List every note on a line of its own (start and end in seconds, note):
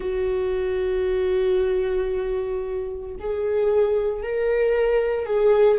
0.00 3.15 F#4
3.19 4.22 G#4
4.22 5.25 A#4
5.25 5.78 G#4